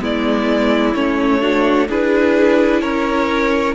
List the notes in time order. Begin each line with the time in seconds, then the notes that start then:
0.00 G#3 B3 E4 D5
0.94 A3 C#4 C#5
1.40 D4 F#4
1.89 D4 E4 G#4 B4
2.81 C#4 A#4 C#5